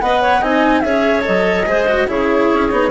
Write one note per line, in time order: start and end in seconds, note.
0.00 0.41 B3
0.00 0.41 B4
0.00 0.21 D#5
0.00 0.42 F#5
0.21 0.40 C#5
0.40 0.82 C4
0.40 0.83 D#4
0.40 0.82 D#5
0.40 0.80 G#5
0.80 1.24 C#4
0.80 1.22 G#4
0.80 1.67 C#5
0.80 1.22 E5
1.22 1.63 A4
1.22 2.07 D#5
1.28 1.66 F#3
1.66 2.08 G#3
1.66 1.87 G#4
1.66 2.09 C5
1.88 2.07 F#4
2.07 2.50 C#3
2.07 2.70 E4
2.07 2.91 G#4
2.07 2.91 C#5
2.54 2.71 C#4
2.70 2.91 B3
2.70 2.91 D#4